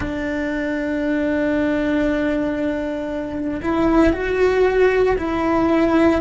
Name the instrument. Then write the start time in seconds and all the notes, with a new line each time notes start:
cello
0.00 D4
3.62 E4
4.12 F#4
5.18 E4